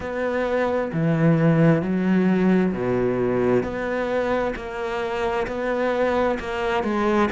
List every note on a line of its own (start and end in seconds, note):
0.00 0.91 B3
0.93 1.82 E3
1.82 2.73 F#3
2.73 3.63 B2
3.63 4.54 B3
4.55 5.46 A#3
5.47 6.38 B3
6.39 6.83 A#3
6.83 7.29 G#3